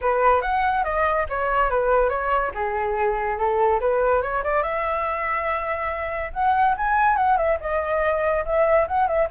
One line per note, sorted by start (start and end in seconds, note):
0.01 0.41 B4
0.41 0.84 F#5
0.84 1.26 D#5
1.29 1.69 C#5
1.69 2.09 B4
2.09 2.51 C#5
2.54 3.37 G#4
3.37 3.80 A4
3.80 4.22 B4
4.22 4.43 C#5
4.43 4.62 D5
4.62 6.31 E5
6.33 6.75 F#5
6.77 7.16 G#5
7.16 7.37 F#5
7.37 7.58 E5
7.60 8.44 D#5
8.45 8.87 E5
8.87 9.07 F#5
9.07 9.28 E5